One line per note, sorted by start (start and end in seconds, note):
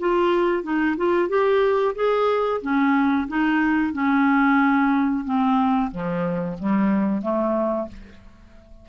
0.00 0.63 F4
0.63 0.96 D#4
0.97 1.29 F4
1.29 1.95 G4
1.95 2.61 G#4
2.62 3.28 C#4
3.28 3.93 D#4
3.93 5.25 C#4
5.25 5.91 C4
5.92 6.58 F3
6.59 7.22 G3
7.22 7.88 A3